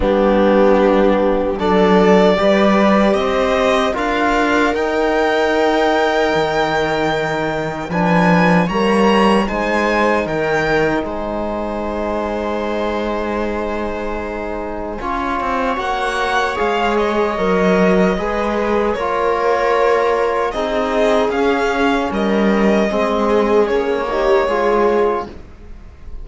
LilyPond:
<<
  \new Staff \with { instrumentName = "violin" } { \time 4/4 \tempo 4 = 76 g'2 d''2 | dis''4 f''4 g''2~ | g''2 gis''4 ais''4 | gis''4 g''4 gis''2~ |
gis''1 | fis''4 f''8 dis''2~ dis''8 | cis''2 dis''4 f''4 | dis''2 cis''2 | }
  \new Staff \with { instrumentName = "viola" } { \time 4/4 d'2 a'4 b'4 | c''4 ais'2.~ | ais'2 b'4 cis''4 | c''4 ais'4 c''2~ |
c''2. cis''4~ | cis''2. b'4 | ais'2 gis'2 | ais'4 gis'4. g'8 gis'4 | }
  \new Staff \with { instrumentName = "trombone" } { \time 4/4 b2 d'4 g'4~ | g'4 f'4 dis'2~ | dis'2 d'4 ais4 | dis'1~ |
dis'2. f'4 | fis'4 gis'4 ais'4 gis'4 | f'2 dis'4 cis'4~ | cis'4 c'4 cis'8 dis'8 f'4 | }
  \new Staff \with { instrumentName = "cello" } { \time 4/4 g2 fis4 g4 | c'4 d'4 dis'2 | dis2 f4 g4 | gis4 dis4 gis2~ |
gis2. cis'8 c'8 | ais4 gis4 fis4 gis4 | ais2 c'4 cis'4 | g4 gis4 ais4 gis4 | }
>>